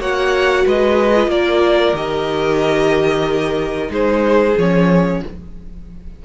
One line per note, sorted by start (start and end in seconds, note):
0.00 0.65 A#3
0.00 1.14 F#4
0.00 0.65 C#5
0.00 0.66 F#5
0.66 1.28 G#3
0.66 1.30 B4
0.66 1.31 D#5
1.14 1.95 F4
1.28 1.93 A#3
1.28 3.91 A#4
1.28 1.96 D5
1.94 3.89 D#3
1.94 3.88 G4
1.94 3.92 D#5
3.88 4.55 G#3
3.88 4.54 D#4
3.88 5.22 G#4
3.88 4.58 C5
4.58 5.23 F3
4.58 5.25 C#4
4.58 5.24 C#5